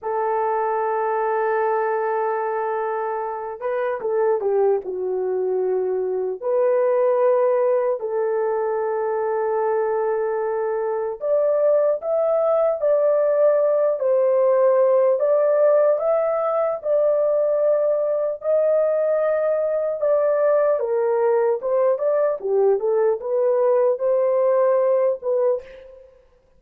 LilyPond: \new Staff \with { instrumentName = "horn" } { \time 4/4 \tempo 4 = 75 a'1~ | a'8 b'8 a'8 g'8 fis'2 | b'2 a'2~ | a'2 d''4 e''4 |
d''4. c''4. d''4 | e''4 d''2 dis''4~ | dis''4 d''4 ais'4 c''8 d''8 | g'8 a'8 b'4 c''4. b'8 | }